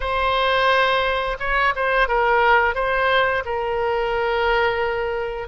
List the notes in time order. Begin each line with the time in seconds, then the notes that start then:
0.00 C5
1.39 C#5
1.75 C5
2.08 A#4
2.74 C5
3.45 A#4